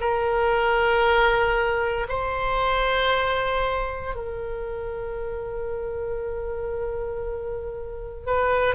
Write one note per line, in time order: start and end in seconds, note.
0.00 2.07 A#4
2.09 4.15 C5
4.15 8.26 A#4
8.26 8.75 B4